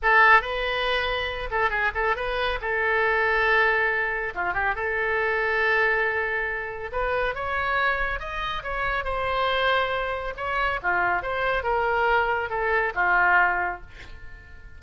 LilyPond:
\new Staff \with { instrumentName = "oboe" } { \time 4/4 \tempo 4 = 139 a'4 b'2~ b'8 a'8 | gis'8 a'8 b'4 a'2~ | a'2 f'8 g'8 a'4~ | a'1 |
b'4 cis''2 dis''4 | cis''4 c''2. | cis''4 f'4 c''4 ais'4~ | ais'4 a'4 f'2 | }